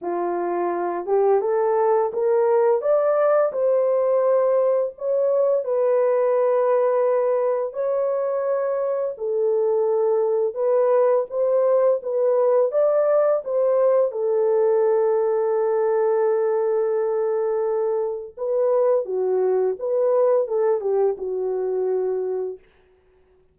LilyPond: \new Staff \with { instrumentName = "horn" } { \time 4/4 \tempo 4 = 85 f'4. g'8 a'4 ais'4 | d''4 c''2 cis''4 | b'2. cis''4~ | cis''4 a'2 b'4 |
c''4 b'4 d''4 c''4 | a'1~ | a'2 b'4 fis'4 | b'4 a'8 g'8 fis'2 | }